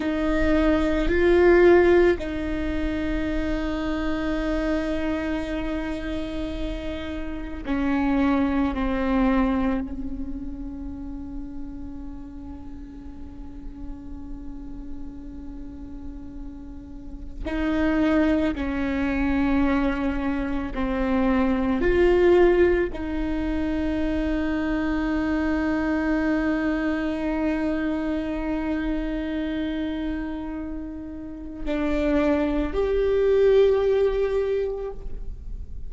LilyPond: \new Staff \with { instrumentName = "viola" } { \time 4/4 \tempo 4 = 55 dis'4 f'4 dis'2~ | dis'2. cis'4 | c'4 cis'2.~ | cis'1 |
dis'4 cis'2 c'4 | f'4 dis'2.~ | dis'1~ | dis'4 d'4 g'2 | }